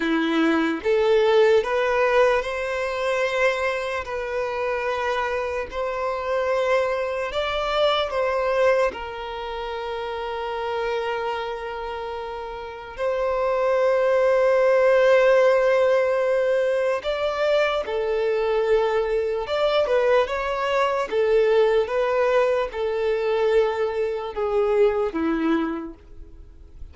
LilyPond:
\new Staff \with { instrumentName = "violin" } { \time 4/4 \tempo 4 = 74 e'4 a'4 b'4 c''4~ | c''4 b'2 c''4~ | c''4 d''4 c''4 ais'4~ | ais'1 |
c''1~ | c''4 d''4 a'2 | d''8 b'8 cis''4 a'4 b'4 | a'2 gis'4 e'4 | }